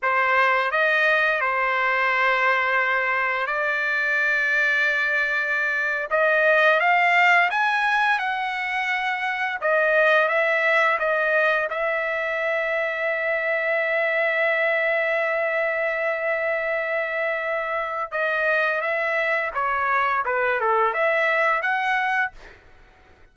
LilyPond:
\new Staff \with { instrumentName = "trumpet" } { \time 4/4 \tempo 4 = 86 c''4 dis''4 c''2~ | c''4 d''2.~ | d''8. dis''4 f''4 gis''4 fis''16~ | fis''4.~ fis''16 dis''4 e''4 dis''16~ |
dis''8. e''2.~ e''16~ | e''1~ | e''2 dis''4 e''4 | cis''4 b'8 a'8 e''4 fis''4 | }